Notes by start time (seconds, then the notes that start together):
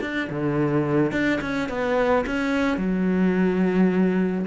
0.00 D4
0.29 D3
1.11 D4
1.41 C#4
1.68 B3
2.26 C#4
2.77 F#3